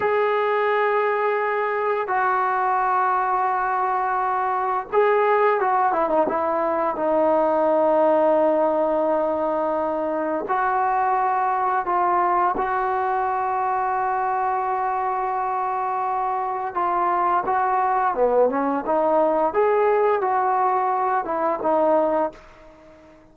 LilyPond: \new Staff \with { instrumentName = "trombone" } { \time 4/4 \tempo 4 = 86 gis'2. fis'4~ | fis'2. gis'4 | fis'8 e'16 dis'16 e'4 dis'2~ | dis'2. fis'4~ |
fis'4 f'4 fis'2~ | fis'1 | f'4 fis'4 b8 cis'8 dis'4 | gis'4 fis'4. e'8 dis'4 | }